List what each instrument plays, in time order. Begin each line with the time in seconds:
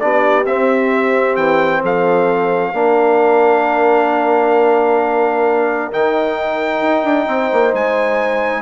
0.00 bassoon B3, trombone D4, horn G4, trumpet D5
0.46 bassoon C4, trombone C4, trumpet E5
1.37 bassoon E3, trumpet G5
1.82 bassoon F3, horn A4, trumpet F5
2.74 bassoon A#3, trombone D4, horn A#4
5.92 bassoon D#3, trombone D#4, trumpet G5
6.82 bassoon D#4
7.04 bassoon D4
7.27 bassoon C4, horn C5
7.53 bassoon A#3
7.74 bassoon G#3, trumpet G#5